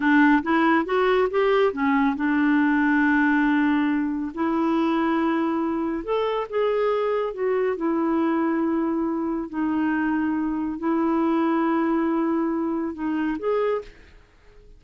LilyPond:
\new Staff \with { instrumentName = "clarinet" } { \time 4/4 \tempo 4 = 139 d'4 e'4 fis'4 g'4 | cis'4 d'2.~ | d'2 e'2~ | e'2 a'4 gis'4~ |
gis'4 fis'4 e'2~ | e'2 dis'2~ | dis'4 e'2.~ | e'2 dis'4 gis'4 | }